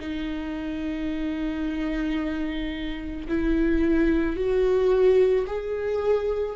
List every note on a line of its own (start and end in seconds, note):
0.00 3.27 D#4
3.29 4.36 E4
4.36 5.45 F#4
5.47 6.56 G#4